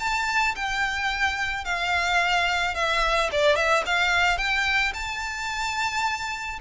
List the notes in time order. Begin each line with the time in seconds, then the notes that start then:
0.00 A5
0.56 G5
1.65 F5
2.75 E5
3.32 D5
3.56 E5
3.86 F5
4.38 G5
4.94 A5